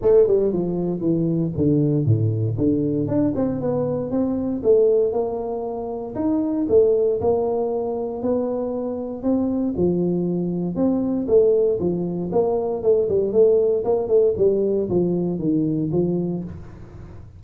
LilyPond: \new Staff \with { instrumentName = "tuba" } { \time 4/4 \tempo 4 = 117 a8 g8 f4 e4 d4 | a,4 d4 d'8 c'8 b4 | c'4 a4 ais2 | dis'4 a4 ais2 |
b2 c'4 f4~ | f4 c'4 a4 f4 | ais4 a8 g8 a4 ais8 a8 | g4 f4 dis4 f4 | }